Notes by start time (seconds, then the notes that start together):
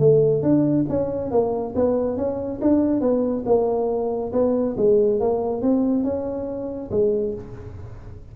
0.00 A3
0.43 D4
0.89 C#4
1.31 A#3
1.76 B3
2.18 C#4
2.62 D4
3.01 B3
3.46 A#3
4.33 B3
4.77 G#3
5.21 A#3
5.63 C4
6.05 C#4
6.92 G#3